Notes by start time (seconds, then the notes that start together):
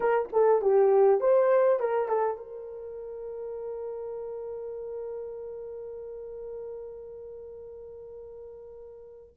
0.00 A#4
0.32 A4
0.61 G4
1.20 C5
1.79 A#4
2.08 A4
2.37 A#4